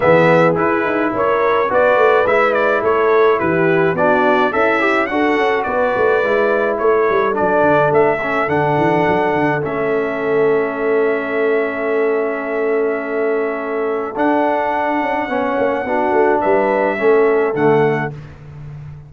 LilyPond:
<<
  \new Staff \with { instrumentName = "trumpet" } { \time 4/4 \tempo 4 = 106 e''4 b'4 cis''4 d''4 | e''8 d''8 cis''4 b'4 d''4 | e''4 fis''4 d''2 | cis''4 d''4 e''4 fis''4~ |
fis''4 e''2.~ | e''1~ | e''4 fis''2.~ | fis''4 e''2 fis''4 | }
  \new Staff \with { instrumentName = "horn" } { \time 4/4 gis'2 ais'4 b'4~ | b'4 a'4 g'4 fis'4 | e'4 a'4 b'2 | a'1~ |
a'1~ | a'1~ | a'2. cis''4 | fis'4 b'4 a'2 | }
  \new Staff \with { instrumentName = "trombone" } { \time 4/4 b4 e'2 fis'4 | e'2. d'4 | a'8 g'8 fis'2 e'4~ | e'4 d'4. cis'8 d'4~ |
d'4 cis'2.~ | cis'1~ | cis'4 d'2 cis'4 | d'2 cis'4 a4 | }
  \new Staff \with { instrumentName = "tuba" } { \time 4/4 e4 e'8 dis'8 cis'4 b8 a8 | gis4 a4 e4 b4 | cis'4 d'8 cis'8 b8 a8 gis4 | a8 g8 fis8 d8 a4 d8 e8 |
fis8 d8 a2.~ | a1~ | a4 d'4. cis'8 b8 ais8 | b8 a8 g4 a4 d4 | }
>>